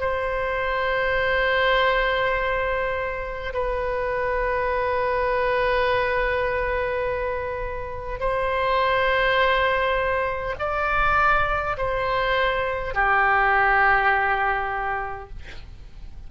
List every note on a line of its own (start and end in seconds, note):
0.00 3.53 C5
3.54 8.20 B4
8.20 10.55 C5
10.59 11.77 D5
11.78 12.95 C5
12.95 15.30 G4